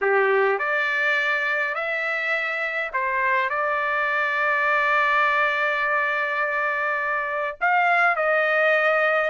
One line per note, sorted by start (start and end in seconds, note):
0.01 0.58 G4
0.58 1.74 D5
1.74 2.91 E5
2.93 3.50 C5
3.50 7.57 D5
7.60 8.16 F5
8.16 9.30 D#5